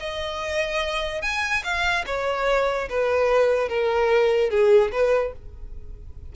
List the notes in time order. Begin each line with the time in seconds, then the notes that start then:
0.00 D#5
1.23 G#5
1.64 F5
2.07 C#5
2.90 B4
3.69 A#4
4.51 G#4
4.92 B4